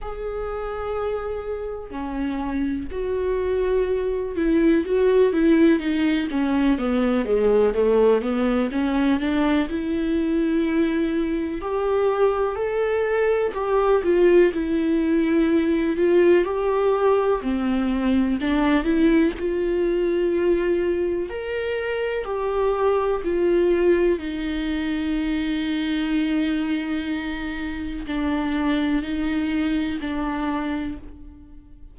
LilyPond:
\new Staff \with { instrumentName = "viola" } { \time 4/4 \tempo 4 = 62 gis'2 cis'4 fis'4~ | fis'8 e'8 fis'8 e'8 dis'8 cis'8 b8 gis8 | a8 b8 cis'8 d'8 e'2 | g'4 a'4 g'8 f'8 e'4~ |
e'8 f'8 g'4 c'4 d'8 e'8 | f'2 ais'4 g'4 | f'4 dis'2.~ | dis'4 d'4 dis'4 d'4 | }